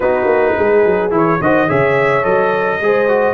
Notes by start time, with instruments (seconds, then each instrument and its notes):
0.00 tuba B3, trombone D#4, horn F#4, trumpet B4
0.25 tuba A#3
0.56 tuba G#3, horn G#4
0.85 tuba F#3
1.10 tuba E3, trombone E4, trumpet C#5
1.40 tuba D#3, trombone F#4, horn C5, trumpet D#5
1.68 tuba C#3, trombone G#4, horn C#5, trumpet E5
2.23 tuba F#3, trombone A4, trumpet D#5
2.80 tuba G#3, trombone G#4, horn C5
3.07 trombone F#4